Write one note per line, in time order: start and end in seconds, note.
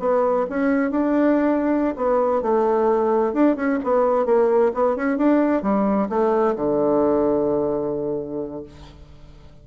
0.00 0.46 B3
0.50 0.91 C#4
0.91 1.95 D4
1.97 2.43 B3
2.43 3.33 A3
3.33 3.56 D4
3.56 3.79 C#4
3.84 4.26 B3
4.26 4.72 A#3
4.74 4.96 B3
4.96 5.18 C#4
5.18 5.63 D4
5.63 6.09 G3
6.09 6.56 A3
6.56 8.63 D3